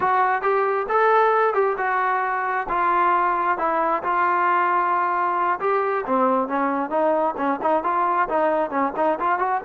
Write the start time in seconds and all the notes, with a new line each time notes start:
0.00 F#4
0.42 G4
0.88 A4
1.54 G4
1.77 F#4
2.69 F4
3.58 E4
4.03 F4
5.60 G4
6.05 C4
6.48 C#4
6.90 D#4
7.37 C#4
7.61 D#4
7.83 F4
8.28 D#4
8.70 C#4
8.96 D#4
9.19 F4
9.38 F#4